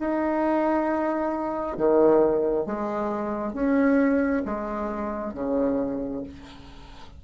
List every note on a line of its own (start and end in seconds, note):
0.00 1.77 D#4
1.77 2.66 D#3
2.66 3.54 G#3
3.54 4.43 C#4
4.46 5.34 G#3
5.34 6.24 C#3